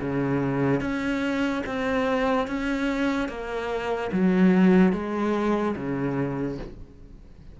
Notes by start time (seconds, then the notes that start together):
0.00 C#3
0.80 C#4
1.66 C4
2.47 C#4
3.28 A#3
4.12 F#3
4.92 G#3
5.75 C#3